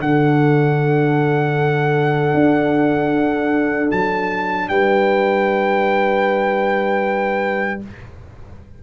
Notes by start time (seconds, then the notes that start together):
0.00 D3 D4 A4 F#5
2.34 D4
3.91 F#3 A5
4.69 G3 B4 G5